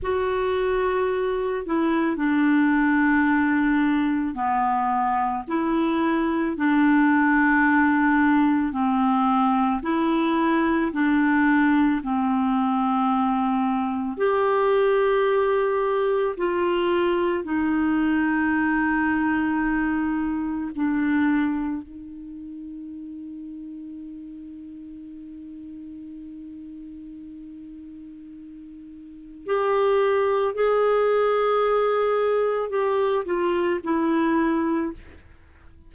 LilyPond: \new Staff \with { instrumentName = "clarinet" } { \time 4/4 \tempo 4 = 55 fis'4. e'8 d'2 | b4 e'4 d'2 | c'4 e'4 d'4 c'4~ | c'4 g'2 f'4 |
dis'2. d'4 | dis'1~ | dis'2. g'4 | gis'2 g'8 f'8 e'4 | }